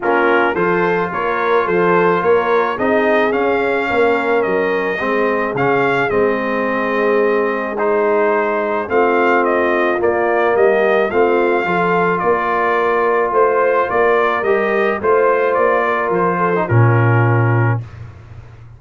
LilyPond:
<<
  \new Staff \with { instrumentName = "trumpet" } { \time 4/4 \tempo 4 = 108 ais'4 c''4 cis''4 c''4 | cis''4 dis''4 f''2 | dis''2 f''4 dis''4~ | dis''2 c''2 |
f''4 dis''4 d''4 dis''4 | f''2 d''2 | c''4 d''4 dis''4 c''4 | d''4 c''4 ais'2 | }
  \new Staff \with { instrumentName = "horn" } { \time 4/4 f'4 a'4 ais'4 a'4 | ais'4 gis'2 ais'4~ | ais'4 gis'2.~ | gis'1 |
f'2. g'4 | f'4 a'4 ais'2 | c''4 ais'2 c''4~ | c''8 ais'4 a'8 f'2 | }
  \new Staff \with { instrumentName = "trombone" } { \time 4/4 cis'4 f'2.~ | f'4 dis'4 cis'2~ | cis'4 c'4 cis'4 c'4~ | c'2 dis'2 |
c'2 ais2 | c'4 f'2.~ | f'2 g'4 f'4~ | f'4.~ f'16 dis'16 cis'2 | }
  \new Staff \with { instrumentName = "tuba" } { \time 4/4 ais4 f4 ais4 f4 | ais4 c'4 cis'4 ais4 | fis4 gis4 cis4 gis4~ | gis1 |
a2 ais4 g4 | a4 f4 ais2 | a4 ais4 g4 a4 | ais4 f4 ais,2 | }
>>